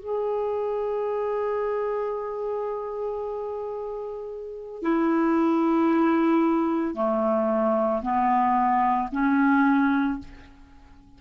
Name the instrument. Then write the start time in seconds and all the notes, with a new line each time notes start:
clarinet
0.00 G#4
4.82 E4
6.94 A3
8.02 B3
9.12 C#4